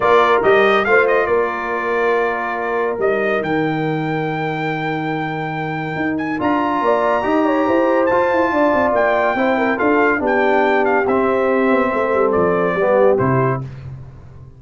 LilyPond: <<
  \new Staff \with { instrumentName = "trumpet" } { \time 4/4 \tempo 4 = 141 d''4 dis''4 f''8 dis''8 d''4~ | d''2. dis''4 | g''1~ | g''2~ g''8 gis''8 ais''4~ |
ais''2. a''4~ | a''4 g''2 f''4 | g''4. f''8 e''2~ | e''4 d''2 c''4 | }
  \new Staff \with { instrumentName = "horn" } { \time 4/4 ais'2 c''4 ais'4~ | ais'1~ | ais'1~ | ais'1 |
d''4 dis''8 cis''8 c''2 | d''2 c''8 ais'8 a'4 | g'1 | a'2 g'2 | }
  \new Staff \with { instrumentName = "trombone" } { \time 4/4 f'4 g'4 f'2~ | f'2. dis'4~ | dis'1~ | dis'2. f'4~ |
f'4 g'2 f'4~ | f'2 e'4 f'4 | d'2 c'2~ | c'2 b4 e'4 | }
  \new Staff \with { instrumentName = "tuba" } { \time 4/4 ais4 g4 a4 ais4~ | ais2. g4 | dis1~ | dis2 dis'4 d'4 |
ais4 dis'4 e'4 f'8 e'8 | d'8 c'8 ais4 c'4 d'4 | b2 c'4. b8 | a8 g8 f4 g4 c4 | }
>>